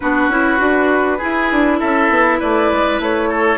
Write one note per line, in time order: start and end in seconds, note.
0.00 0.28 B3
0.00 0.30 D4
0.00 1.18 F#4
0.00 1.80 B4
0.28 0.58 C#4
0.28 0.58 E4
0.58 1.19 D4
0.58 1.18 F#4
1.18 3.58 E4
1.18 1.51 E4
1.18 1.78 G#4
1.51 1.81 D4
1.79 2.09 C#4
1.79 2.39 A4
1.79 2.40 E5
2.09 2.39 B3
2.39 2.71 A3
2.39 3.29 B4
2.39 3.00 D5
2.71 2.99 G#3
2.99 3.58 A3
2.99 3.58 C#5
3.29 3.58 A4